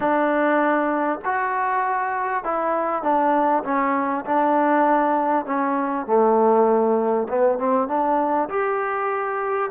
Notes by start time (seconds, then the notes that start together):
0.00 D4
1.24 F#4
2.44 E4
3.02 D4
3.64 C#4
4.25 D4
5.45 C#4
6.06 A3
7.29 B3
7.58 C4
7.88 D4
8.48 G4